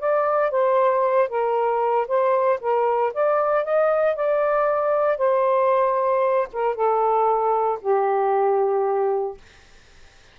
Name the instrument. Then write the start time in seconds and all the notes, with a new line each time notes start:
saxophone
0.00 D5
0.51 C5
1.29 A#4
2.08 C5
2.61 A#4
3.14 D5
3.65 D#5
4.16 D5
5.18 C5
6.53 A#4
6.75 A4
7.82 G4